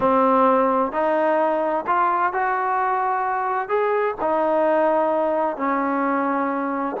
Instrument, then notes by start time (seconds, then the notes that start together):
trombone
0.00 C4
0.92 D#4
1.86 F4
2.33 F#4
3.68 G#4
4.21 D#4
5.56 C#4